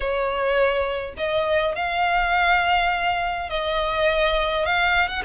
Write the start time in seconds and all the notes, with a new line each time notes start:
0.00 C#5
1.17 D#5
1.75 F5
3.49 D#5
4.65 F5
5.08 F#5